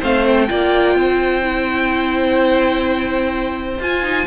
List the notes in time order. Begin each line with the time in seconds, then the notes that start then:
0.00 A3 C4 C5 F5
0.27 G5
0.48 A#3 F4 D5
0.95 C4 C5
1.42 E4
3.79 F4 G#5
4.03 D#4